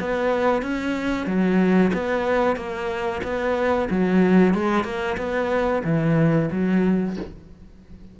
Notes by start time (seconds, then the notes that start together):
0.00 B3
0.62 C#4
1.27 F#3
1.93 B3
2.56 A#3
3.23 B3
3.90 F#3
4.54 G#3
4.84 A#3
5.17 B3
5.84 E3
6.51 F#3